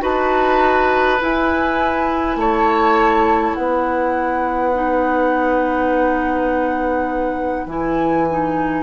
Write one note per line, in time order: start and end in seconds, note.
0.00 1.20 D#4
0.00 1.18 F#4
0.00 2.37 B4
0.00 1.22 A5
1.20 4.73 E4
1.20 2.36 E4
1.20 2.38 G#5
2.36 3.54 A3
2.36 3.57 C#5
2.36 3.54 A5
3.54 7.66 B3
3.54 8.83 B4
3.54 7.66 F#5
4.74 7.68 D#4
7.66 8.83 E3
7.66 8.27 E4
7.66 8.83 G#5
8.29 8.83 D#4